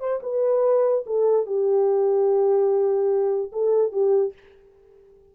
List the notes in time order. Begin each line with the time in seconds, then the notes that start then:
0.00 C5
0.23 B4
1.07 A4
1.46 G4
3.52 A4
3.92 G4